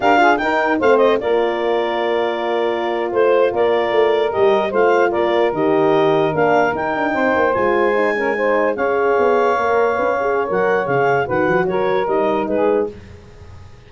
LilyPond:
<<
  \new Staff \with { instrumentName = "clarinet" } { \time 4/4 \tempo 4 = 149 f''4 g''4 f''8 dis''8 d''4~ | d''2.~ d''8. c''16~ | c''8. d''2 dis''4 f''16~ | f''8. d''4 dis''2 f''16~ |
f''8. g''2 gis''4~ gis''16~ | gis''4.~ gis''16 f''2~ f''16~ | f''2 fis''4 f''4 | fis''4 cis''4 dis''4 b'4 | }
  \new Staff \with { instrumentName = "saxophone" } { \time 4/4 ais'8 gis'8 ais'4 c''4 ais'4~ | ais'2.~ ais'8. c''16~ | c''8. ais'2. c''16~ | c''8. ais'2.~ ais'16~ |
ais'4.~ ais'16 c''2~ c''16~ | c''16 ais'8 c''4 cis''2~ cis''16~ | cis''1 | b'4 ais'2 gis'4 | }
  \new Staff \with { instrumentName = "horn" } { \time 4/4 g'8 f'8 dis'4 c'4 f'4~ | f'1~ | f'2~ f'8. g'4 f'16~ | f'4.~ f'16 g'2 d'16~ |
d'8. dis'2 f'4 dis'16~ | dis'16 cis'8 dis'4 gis'2 ais'16~ | ais'8. b'8 gis'8. ais'4 gis'4 | fis'2 dis'2 | }
  \new Staff \with { instrumentName = "tuba" } { \time 4/4 d'4 dis'4 a4 ais4~ | ais2.~ ais8. a16~ | a8. ais4 a4 g4 a16~ | a8. ais4 dis2 ais16~ |
ais8. dis'8 d'8 c'8 ais8 gis4~ gis16~ | gis4.~ gis16 cis'4 b4 ais16~ | ais8. cis'4~ cis'16 fis4 cis4 | dis8 f8 fis4 g4 gis4 | }
>>